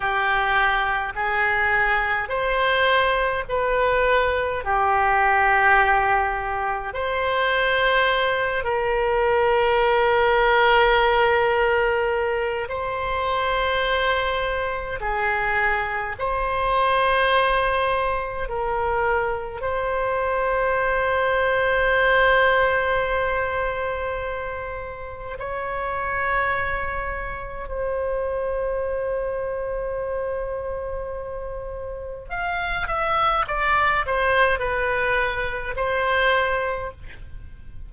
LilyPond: \new Staff \with { instrumentName = "oboe" } { \time 4/4 \tempo 4 = 52 g'4 gis'4 c''4 b'4 | g'2 c''4. ais'8~ | ais'2. c''4~ | c''4 gis'4 c''2 |
ais'4 c''2.~ | c''2 cis''2 | c''1 | f''8 e''8 d''8 c''8 b'4 c''4 | }